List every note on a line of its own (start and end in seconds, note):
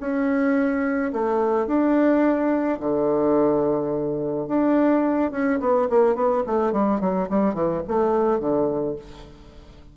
0.00 1.12 C#4
1.13 1.67 A3
1.67 2.79 D4
2.80 4.48 D3
4.48 5.31 D4
5.31 5.59 C#4
5.60 5.88 B3
5.90 6.15 A#3
6.15 6.43 B3
6.46 6.73 A3
6.73 7.01 G3
7.01 7.29 F#3
7.30 7.54 G3
7.54 7.82 E3
7.88 8.40 A3
8.40 8.96 D3